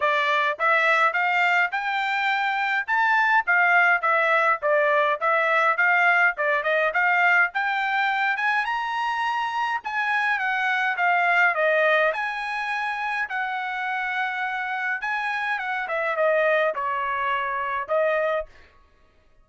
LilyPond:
\new Staff \with { instrumentName = "trumpet" } { \time 4/4 \tempo 4 = 104 d''4 e''4 f''4 g''4~ | g''4 a''4 f''4 e''4 | d''4 e''4 f''4 d''8 dis''8 | f''4 g''4. gis''8 ais''4~ |
ais''4 gis''4 fis''4 f''4 | dis''4 gis''2 fis''4~ | fis''2 gis''4 fis''8 e''8 | dis''4 cis''2 dis''4 | }